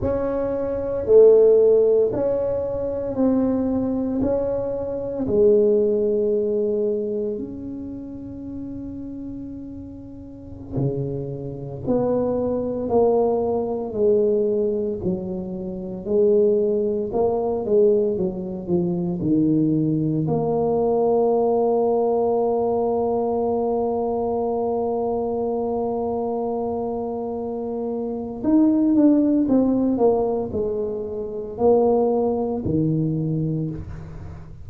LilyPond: \new Staff \with { instrumentName = "tuba" } { \time 4/4 \tempo 4 = 57 cis'4 a4 cis'4 c'4 | cis'4 gis2 cis'4~ | cis'2~ cis'16 cis4 b8.~ | b16 ais4 gis4 fis4 gis8.~ |
gis16 ais8 gis8 fis8 f8 dis4 ais8.~ | ais1~ | ais2. dis'8 d'8 | c'8 ais8 gis4 ais4 dis4 | }